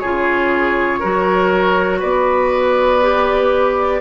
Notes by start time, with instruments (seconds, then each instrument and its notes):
0.00 bassoon C#3, clarinet F4, oboe G#4, flute C#5
1.00 bassoon F#3, clarinet F#4, oboe A#4
2.00 bassoon B3, oboe B4, flute D5
3.02 clarinet G4